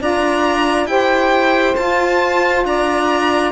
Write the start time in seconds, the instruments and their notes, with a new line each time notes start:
0.00 cello D4, saxophone F4 D5, violin A#5
0.86 cello E4, saxophone G4 C5, violin G5
1.76 saxophone F4, cello F4, violin A5
2.65 cello D4, saxophone D5, violin A#5